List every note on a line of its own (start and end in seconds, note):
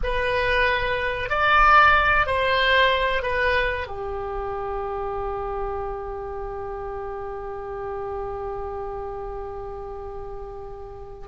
0.03 1.29 B4
1.29 2.26 D5
2.26 3.22 C5
3.22 3.87 B4
3.87 11.27 G4